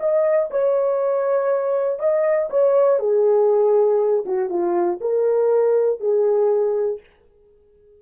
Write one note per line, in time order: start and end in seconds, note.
0.00 0.50 D#5
0.51 2.00 C#5
2.00 2.50 D#5
2.50 3.00 C#5
3.00 4.25 G#4
4.26 4.50 F#4
4.50 5.00 F4
5.01 6.00 A#4
6.00 7.00 G#4